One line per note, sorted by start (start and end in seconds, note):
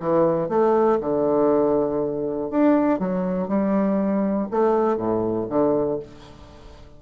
0.00 0.49 E3
0.49 0.99 A3
1.00 2.50 D3
2.50 2.99 D4
2.99 3.48 F#3
3.48 4.48 G3
4.50 4.97 A3
4.97 5.47 A2
5.49 5.99 D3